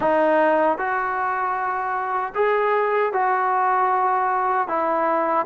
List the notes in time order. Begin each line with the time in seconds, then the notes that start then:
0.00 D#4
0.78 F#4
2.34 G#4
3.12 F#4
4.68 E4